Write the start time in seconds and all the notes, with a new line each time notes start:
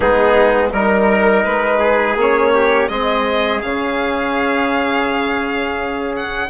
0.00 G#3 B3 D#4 G#4
0.72 G3 D#4 A#4
1.44 G#3 B4
1.79 G#4
2.16 A#3 C#4 C#5
2.53 G4
2.88 G#3 C4 G#4 D#5
3.62 C#3 C#4 F5
6.15 F#5